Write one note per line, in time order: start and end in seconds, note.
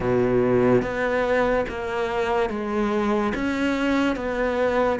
0.00 0.81 B2
0.81 1.65 B3
1.68 2.49 A#3
2.49 3.33 G#3
3.34 4.16 C#4
4.16 4.99 B3